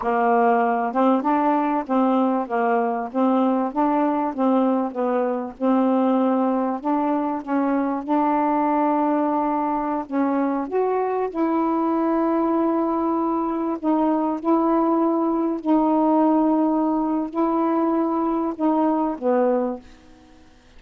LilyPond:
\new Staff \with { instrumentName = "saxophone" } { \time 4/4 \tempo 4 = 97 ais4. c'8 d'4 c'4 | ais4 c'4 d'4 c'4 | b4 c'2 d'4 | cis'4 d'2.~ |
d'16 cis'4 fis'4 e'4.~ e'16~ | e'2~ e'16 dis'4 e'8.~ | e'4~ e'16 dis'2~ dis'8. | e'2 dis'4 b4 | }